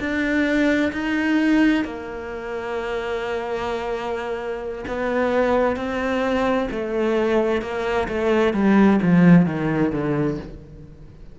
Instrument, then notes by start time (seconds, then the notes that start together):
cello
0.00 D4
0.93 D#4
1.85 A#3
4.88 B3
5.77 C4
6.72 A3
7.62 A#3
8.09 A3
8.54 G3
9.03 F3
9.47 D#3
9.92 D3